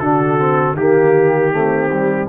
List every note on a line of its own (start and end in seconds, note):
0.00 0.74 D3
0.00 0.39 D4
0.00 0.76 F#4
0.00 0.76 A4
0.39 0.77 C4
0.74 2.26 D#3
0.74 1.52 A#3
0.74 1.52 G4
0.74 2.29 G4
1.52 1.90 A3
1.52 2.29 C4
1.93 2.29 G3